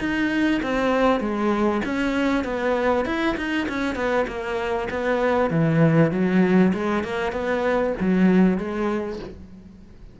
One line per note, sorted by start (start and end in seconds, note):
0.00 0.61 D#4
0.63 1.20 C4
1.20 1.81 G#3
1.85 2.44 C#4
2.44 3.05 B3
3.05 3.36 E4
3.37 3.68 D#4
3.69 3.95 C#4
3.95 4.26 B3
4.27 4.89 A#3
4.90 5.50 B3
5.50 6.12 E3
6.12 6.73 F#3
6.73 7.04 G#3
7.04 7.32 A#3
7.32 7.94 B3
8.00 8.58 F#3
8.58 9.19 G#3